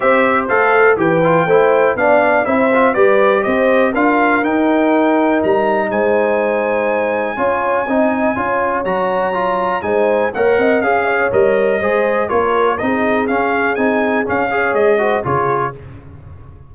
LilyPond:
<<
  \new Staff \with { instrumentName = "trumpet" } { \time 4/4 \tempo 4 = 122 e''4 f''4 g''2 | f''4 e''4 d''4 dis''4 | f''4 g''2 ais''4 | gis''1~ |
gis''2 ais''2 | gis''4 fis''4 f''4 dis''4~ | dis''4 cis''4 dis''4 f''4 | gis''4 f''4 dis''4 cis''4 | }
  \new Staff \with { instrumentName = "horn" } { \time 4/4 c''2 b'4 c''4 | d''4 c''4 b'4 c''4 | ais'1 | c''2. cis''4 |
dis''4 cis''2. | c''4 cis''8 dis''8 f''8 cis''4. | c''4 ais'4 gis'2~ | gis'4. cis''4 c''8 gis'4 | }
  \new Staff \with { instrumentName = "trombone" } { \time 4/4 g'4 a'4 g'8 f'8 e'4 | d'4 e'8 f'8 g'2 | f'4 dis'2.~ | dis'2. f'4 |
dis'4 f'4 fis'4 f'4 | dis'4 ais'4 gis'4 ais'4 | gis'4 f'4 dis'4 cis'4 | dis'4 cis'8 gis'4 fis'8 f'4 | }
  \new Staff \with { instrumentName = "tuba" } { \time 4/4 c'4 a4 e4 a4 | b4 c'4 g4 c'4 | d'4 dis'2 g4 | gis2. cis'4 |
c'4 cis'4 fis2 | gis4 ais8 c'8 cis'4 g4 | gis4 ais4 c'4 cis'4 | c'4 cis'4 gis4 cis4 | }
>>